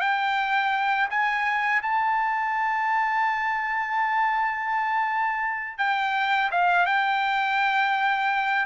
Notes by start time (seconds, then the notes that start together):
0.00 G5
1.10 G#5
1.82 A5
5.78 G5
6.51 F5
6.85 G5